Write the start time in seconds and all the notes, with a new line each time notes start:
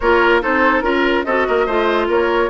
0.00 A#3 F4 A#4 C#5
0.41 C4 D#4 A4 C5
0.80 C#4 F4 A#4
1.24 C4 F#4 A4 D#5
1.47 A#3 A#4
1.66 A3 F4 C5
2.08 A#3 A#4 C#5